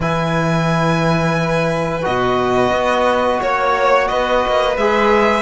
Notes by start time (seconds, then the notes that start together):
0.00 E3 E4 B4 G#5
2.02 B2 F#4 D#5
2.71 B3
3.40 A#3 C#5
4.08 B3 B4 D#5
4.47 A#3
4.77 G#3 G#4 E5